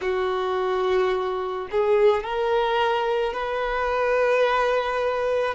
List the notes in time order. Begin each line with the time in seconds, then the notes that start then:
0.01 F#4
1.71 G#4
2.23 A#4
3.33 B4